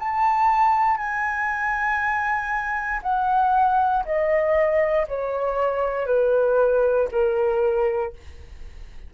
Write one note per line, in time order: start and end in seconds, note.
0.00 0.98 A5
0.98 3.01 G#5
3.03 4.05 F#5
4.05 5.07 D#5
5.08 6.07 C#5
6.07 7.09 B4
7.12 8.14 A#4